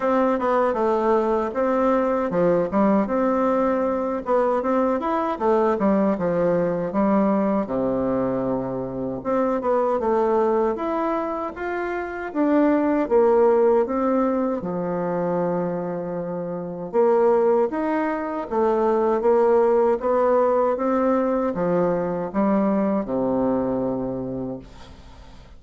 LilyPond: \new Staff \with { instrumentName = "bassoon" } { \time 4/4 \tempo 4 = 78 c'8 b8 a4 c'4 f8 g8 | c'4. b8 c'8 e'8 a8 g8 | f4 g4 c2 | c'8 b8 a4 e'4 f'4 |
d'4 ais4 c'4 f4~ | f2 ais4 dis'4 | a4 ais4 b4 c'4 | f4 g4 c2 | }